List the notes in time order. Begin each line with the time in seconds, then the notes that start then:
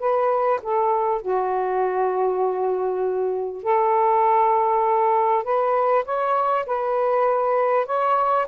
0.00 B4
0.63 A4
1.23 F#4
3.64 A4
5.44 B4
6.06 C#5
6.67 B4
7.87 C#5